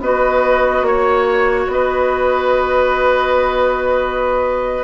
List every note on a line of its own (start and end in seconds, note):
0.00 0.82 B3
0.00 4.84 F#4
0.00 0.87 B4
0.00 0.86 D#5
0.82 1.67 A#3
0.82 1.70 C#5
0.82 1.72 C#5
1.67 4.84 B3
1.67 4.84 B4
1.67 4.84 D#5